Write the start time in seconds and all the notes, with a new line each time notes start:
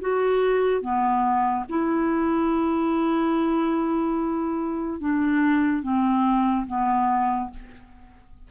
0.00 F#4
0.81 B3
1.69 E4
5.00 D4
5.82 C4
6.66 B3